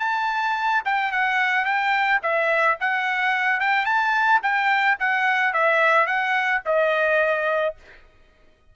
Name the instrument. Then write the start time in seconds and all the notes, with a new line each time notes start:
trumpet
0.00 A5
0.85 G5
1.12 F#5
1.65 G5
2.23 E5
2.81 F#5
3.61 G5
3.86 A5
4.43 G5
5.00 F#5
5.54 E5
6.07 F#5
6.66 D#5